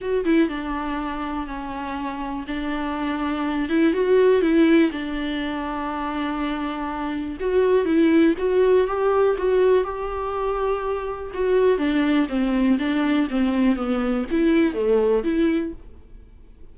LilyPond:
\new Staff \with { instrumentName = "viola" } { \time 4/4 \tempo 4 = 122 fis'8 e'8 d'2 cis'4~ | cis'4 d'2~ d'8 e'8 | fis'4 e'4 d'2~ | d'2. fis'4 |
e'4 fis'4 g'4 fis'4 | g'2. fis'4 | d'4 c'4 d'4 c'4 | b4 e'4 a4 e'4 | }